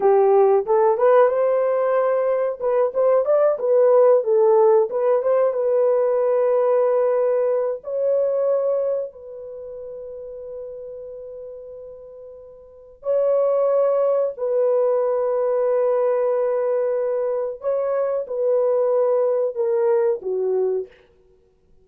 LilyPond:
\new Staff \with { instrumentName = "horn" } { \time 4/4 \tempo 4 = 92 g'4 a'8 b'8 c''2 | b'8 c''8 d''8 b'4 a'4 b'8 | c''8 b'2.~ b'8 | cis''2 b'2~ |
b'1 | cis''2 b'2~ | b'2. cis''4 | b'2 ais'4 fis'4 | }